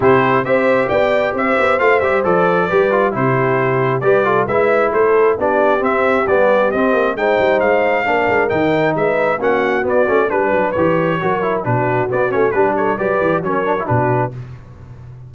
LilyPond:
<<
  \new Staff \with { instrumentName = "trumpet" } { \time 4/4 \tempo 4 = 134 c''4 e''4 g''4 e''4 | f''8 e''8 d''2 c''4~ | c''4 d''4 e''4 c''4 | d''4 e''4 d''4 dis''4 |
g''4 f''2 g''4 | e''4 fis''4 d''4 b'4 | cis''2 b'4 d''8 cis''8 | b'8 cis''8 d''4 cis''4 b'4 | }
  \new Staff \with { instrumentName = "horn" } { \time 4/4 g'4 c''4 d''4 c''4~ | c''2 b'4 g'4~ | g'4 b'8 a'8 b'4 a'4 | g'1 |
c''2 ais'2 | b'4 fis'2 b'4~ | b'4 ais'4 fis'2 | g'8 a'8 b'4 ais'4 fis'4 | }
  \new Staff \with { instrumentName = "trombone" } { \time 4/4 e'4 g'2. | f'8 g'8 a'4 g'8 f'8 e'4~ | e'4 g'8 f'8 e'2 | d'4 c'4 b4 c'4 |
dis'2 d'4 dis'4~ | dis'4 cis'4 b8 cis'8 d'4 | g'4 fis'8 e'8 d'4 b8 cis'8 | d'4 g'4 cis'8 d'16 e'16 d'4 | }
  \new Staff \with { instrumentName = "tuba" } { \time 4/4 c4 c'4 b4 c'8 b8 | a8 g8 f4 g4 c4~ | c4 g4 gis4 a4 | b4 c'4 g4 c'8 ais8 |
gis8 g8 gis4 ais8 gis8 dis4 | gis4 ais4 b8 a8 g8 fis8 | e4 fis4 b,4 b8 a8 | g4 fis8 e8 fis4 b,4 | }
>>